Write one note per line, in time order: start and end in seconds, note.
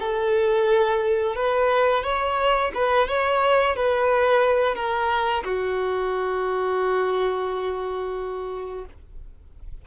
0.00 1.36 A4
1.36 2.04 B4
2.04 2.72 C#5
2.75 3.08 B4
3.08 3.76 C#5
3.76 4.76 B4
4.76 5.44 A#4
5.45 8.85 F#4